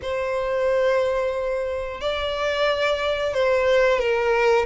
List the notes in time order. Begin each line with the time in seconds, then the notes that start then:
0.02 C5
2.00 D5
3.34 C5
3.98 A#4